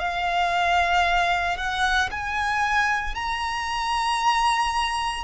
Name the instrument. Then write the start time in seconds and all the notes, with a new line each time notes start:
violin
0.00 F5
1.57 F#5
2.11 G#5
3.15 A#5